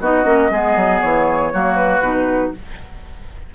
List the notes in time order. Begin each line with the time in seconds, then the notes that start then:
0.00 B3 D#4 F#4 D#5
0.24 A#3 C#4
0.51 G#3 B3 G#4
0.76 F#3
1.01 E3 C#5
1.53 F#3 A#3 F#4
1.76 B4
2.01 B2 D#4